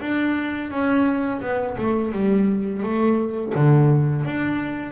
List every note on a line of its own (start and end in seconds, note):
0.00 0.71 D4
0.71 1.41 C#4
1.41 1.76 B3
1.78 2.12 A3
2.12 2.83 G3
2.83 3.53 A3
3.55 4.25 D3
4.25 4.92 D4